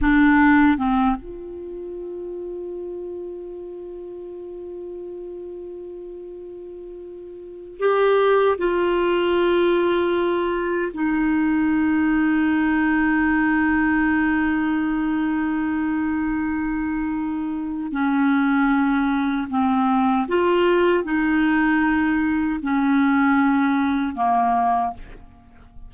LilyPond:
\new Staff \with { instrumentName = "clarinet" } { \time 4/4 \tempo 4 = 77 d'4 c'8 f'2~ f'8~ | f'1~ | f'2 g'4 f'4~ | f'2 dis'2~ |
dis'1~ | dis'2. cis'4~ | cis'4 c'4 f'4 dis'4~ | dis'4 cis'2 ais4 | }